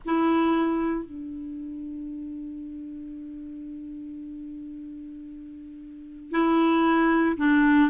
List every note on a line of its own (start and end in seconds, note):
0.05 1.05 E4
1.05 6.31 D4
6.31 7.36 E4
7.37 7.89 D4